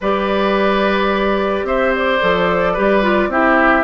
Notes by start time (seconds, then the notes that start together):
0.00 G3 G4 B4 D5
1.63 C4 C5 E5
1.95 D5
2.21 F3 A4
2.73 G3 G4 B4
3.02 F4
3.28 C4 E4 G4 E5